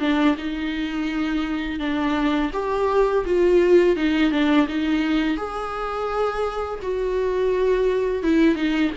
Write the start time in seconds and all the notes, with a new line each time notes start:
0.00 D4
0.38 D#4
1.80 D4
2.53 G4
3.26 F4
3.96 D#4
4.32 D4
4.68 D#4
5.37 G#4
6.82 F#4
8.23 E4
8.56 D#4